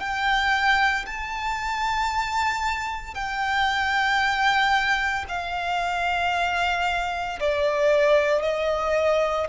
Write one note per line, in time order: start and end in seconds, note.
0.00 1.05 G5
1.06 3.14 A5
3.14 5.25 G5
5.29 7.39 F5
7.40 8.42 D5
8.42 9.47 D#5